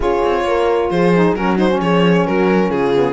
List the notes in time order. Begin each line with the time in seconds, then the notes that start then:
0.00 C#4 F4 G#4 C#5
0.24 C4
0.44 A#3 A#4
0.89 F3 G#4 C5
1.14 D#4
1.32 F#3 C#4 F#4 A#4
1.57 D#4 C5
1.69 C#4
1.81 F3 G#4 C#5
2.26 F#3 F#4 A#4
2.69 C#3 F4 G#4
2.94 B3